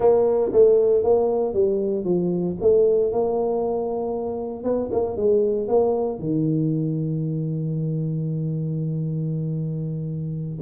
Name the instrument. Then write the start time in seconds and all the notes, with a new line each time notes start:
tuba
0.00 A#3
0.52 A3
1.03 A#3
1.53 G3
2.04 F3
2.61 A3
3.12 A#3
4.63 B3
4.91 A#3
5.16 G#3
5.68 A#3
6.19 D#3